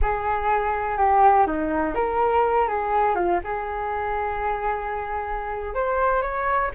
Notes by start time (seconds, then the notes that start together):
0.01 G#4
0.97 G4
1.46 D#4
1.94 A#4
2.68 G#4
3.15 F4
3.44 G#4
5.74 C5
6.22 C#5